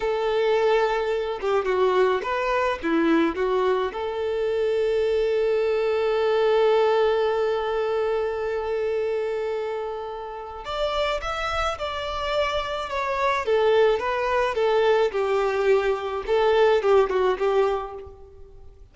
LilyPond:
\new Staff \with { instrumentName = "violin" } { \time 4/4 \tempo 4 = 107 a'2~ a'8 g'8 fis'4 | b'4 e'4 fis'4 a'4~ | a'1~ | a'1~ |
a'2. d''4 | e''4 d''2 cis''4 | a'4 b'4 a'4 g'4~ | g'4 a'4 g'8 fis'8 g'4 | }